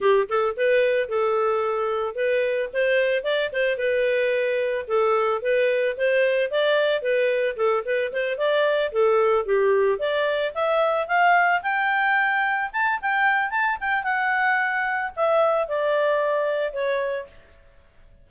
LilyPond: \new Staff \with { instrumentName = "clarinet" } { \time 4/4 \tempo 4 = 111 g'8 a'8 b'4 a'2 | b'4 c''4 d''8 c''8 b'4~ | b'4 a'4 b'4 c''4 | d''4 b'4 a'8 b'8 c''8 d''8~ |
d''8 a'4 g'4 d''4 e''8~ | e''8 f''4 g''2 a''8 | g''4 a''8 g''8 fis''2 | e''4 d''2 cis''4 | }